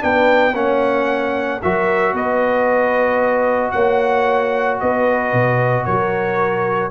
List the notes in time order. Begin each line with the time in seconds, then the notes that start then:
0.00 B3 D4 B4 G5
0.54 A#3 C#4 C#5 F#5
1.62 F#3 F#4 A#4 E5
2.14 B3 B4 D#5
3.72 A#3 C#5 F#5
4.81 B3 B4 D#5
5.33 B2
5.85 F#3 A#4 C#5